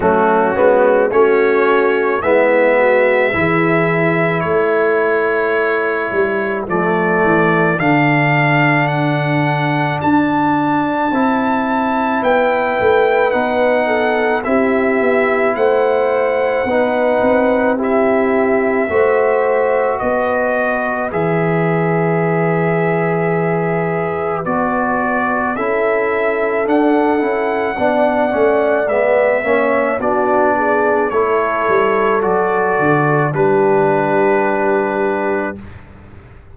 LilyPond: <<
  \new Staff \with { instrumentName = "trumpet" } { \time 4/4 \tempo 4 = 54 fis'4 cis''4 e''2 | cis''2 d''4 f''4 | fis''4 a''2 g''4 | fis''4 e''4 fis''2 |
e''2 dis''4 e''4~ | e''2 d''4 e''4 | fis''2 e''4 d''4 | cis''4 d''4 b'2 | }
  \new Staff \with { instrumentName = "horn" } { \time 4/4 cis'4 fis'4 e'8 fis'8 gis'4 | a'1~ | a'2. b'4~ | b'8 a'8 g'4 c''4 b'4 |
g'4 c''4 b'2~ | b'2. a'4~ | a'4 d''4. cis''8 fis'8 gis'8 | a'2 g'2 | }
  \new Staff \with { instrumentName = "trombone" } { \time 4/4 a8 b8 cis'4 b4 e'4~ | e'2 a4 d'4~ | d'2 e'2 | dis'4 e'2 dis'4 |
e'4 fis'2 gis'4~ | gis'2 fis'4 e'4 | d'8 e'8 d'8 cis'8 b8 cis'8 d'4 | e'4 fis'4 d'2 | }
  \new Staff \with { instrumentName = "tuba" } { \time 4/4 fis8 gis8 a4 gis4 e4 | a4. g8 f8 e8 d4~ | d4 d'4 c'4 b8 a8 | b4 c'8 b8 a4 b8 c'8~ |
c'4 a4 b4 e4~ | e2 b4 cis'4 | d'8 cis'8 b8 a8 gis8 ais8 b4 | a8 g8 fis8 d8 g2 | }
>>